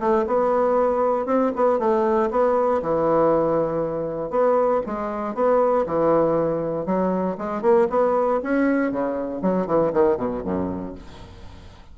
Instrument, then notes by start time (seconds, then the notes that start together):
bassoon
0.00 A3
0.27 B3
1.26 C4
1.56 B3
1.79 A3
2.31 B3
2.82 E3
4.31 B3
4.87 G#3
5.35 B3
5.86 E3
6.86 F#3
7.38 G#3
7.62 A#3
7.90 B3
8.43 C#4
8.92 C#3
9.42 F#3
9.67 E3
9.93 D#3
10.17 B2
10.45 F#2